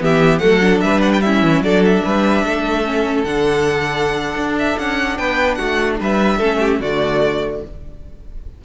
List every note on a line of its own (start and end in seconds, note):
0.00 0.41 E3
0.00 0.40 B3
0.00 0.43 G4
0.00 0.38 E5
0.38 0.82 F#3
0.38 0.60 A3
0.38 0.84 A4
0.38 0.79 F#5
0.61 1.22 D4
0.80 1.42 G3
0.80 1.24 B4
0.80 1.01 E5
1.01 1.11 F#5
1.13 1.21 G5
1.21 1.64 C#4
1.21 1.64 E4
1.21 1.62 E5
1.42 1.60 E3
1.60 2.01 F#3
1.60 2.84 D4
1.60 2.04 A4
1.60 1.83 D5
1.85 3.24 E5
2.04 2.44 G3
2.04 2.44 B4
2.44 3.24 A3
2.44 5.18 A4
2.84 3.25 C#4
3.24 4.35 D3
3.24 6.41 D4
3.24 4.55 F#5
4.35 4.76 D4
4.59 4.79 E5
4.78 5.18 C#4
4.78 5.17 F#5
5.17 5.59 B3
5.17 5.57 B4
5.17 5.55 G5
5.55 6.00 A3
5.55 5.98 F#4
5.55 5.95 F#5
6.00 6.40 G3
6.00 6.37 B4
6.00 6.81 E5
6.37 6.80 A3
6.37 6.82 C#4
6.37 6.58 A4
6.59 6.79 G4
6.80 7.61 D3
6.80 7.64 A3
6.80 7.61 F#4
6.80 7.62 D5